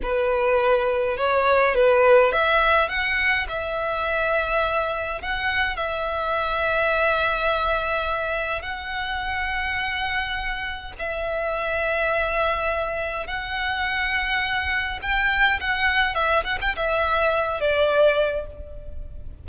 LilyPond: \new Staff \with { instrumentName = "violin" } { \time 4/4 \tempo 4 = 104 b'2 cis''4 b'4 | e''4 fis''4 e''2~ | e''4 fis''4 e''2~ | e''2. fis''4~ |
fis''2. e''4~ | e''2. fis''4~ | fis''2 g''4 fis''4 | e''8 fis''16 g''16 e''4. d''4. | }